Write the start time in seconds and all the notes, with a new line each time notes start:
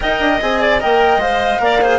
0.00 D#4 A#4 D#5 G5
0.20 D4
0.40 C4 G#4 G#5
0.60 D5
0.80 A#3 A#4 D#5 G5
1.16 G#3 C5 F5
1.59 A#3 A#4 D5
1.81 G#4 C5